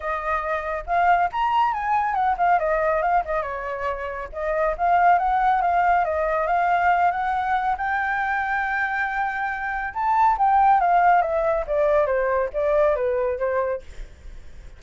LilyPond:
\new Staff \with { instrumentName = "flute" } { \time 4/4 \tempo 4 = 139 dis''2 f''4 ais''4 | gis''4 fis''8 f''8 dis''4 f''8 dis''8 | cis''2 dis''4 f''4 | fis''4 f''4 dis''4 f''4~ |
f''8 fis''4. g''2~ | g''2. a''4 | g''4 f''4 e''4 d''4 | c''4 d''4 b'4 c''4 | }